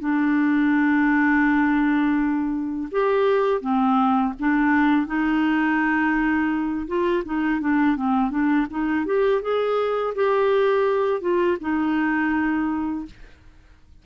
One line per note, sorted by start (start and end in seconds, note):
0.00 2.89 D4
2.91 3.61 G4
3.61 4.33 C4
4.40 5.07 D4
5.07 6.87 D#4
6.88 7.24 F4
7.25 7.61 D#4
7.61 7.96 D4
7.96 8.31 C4
8.31 8.67 D4
8.70 9.06 D#4
9.06 9.42 G4
9.42 10.14 G#4
10.15 11.21 G4
11.21 11.58 F4
11.61 13.05 D#4